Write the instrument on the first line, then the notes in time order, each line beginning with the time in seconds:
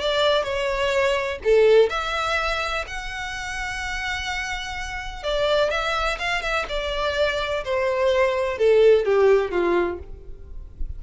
violin
0.00 D5
0.44 C#5
1.44 A4
1.89 E5
2.87 F#5
5.23 D5
5.70 E5
6.18 F5
6.42 E5
6.69 D5
7.64 C5
8.58 A4
9.05 G4
9.51 F4